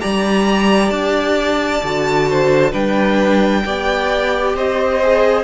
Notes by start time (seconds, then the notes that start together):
0.00 G3 G4 D5 A#5
0.91 D4 A5
1.84 D3 F#4
2.30 C5
2.71 G3 D4 B4 G5
3.65 B3 G4 D5
4.55 C4 C5 D#5
5.02 G#4